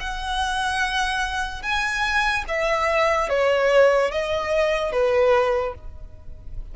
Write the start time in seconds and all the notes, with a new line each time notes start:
0.00 F#5
1.62 G#5
2.48 E5
3.30 C#5
4.11 D#5
4.92 B4